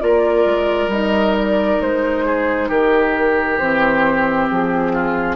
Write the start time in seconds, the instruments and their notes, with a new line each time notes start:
0.00 bassoon A#3, clarinet F4, oboe A#4, flute D5
0.46 bassoon G#3
0.87 bassoon G3, clarinet D#4, flute D#5
1.37 flute D5
1.82 bassoon G#3, flute C5
2.26 oboe G#4
2.69 bassoon D#3, oboe G4, flute A#4
3.58 bassoon E3, clarinet C4, flute C5
4.50 bassoon F3, flute G#4
4.93 oboe F4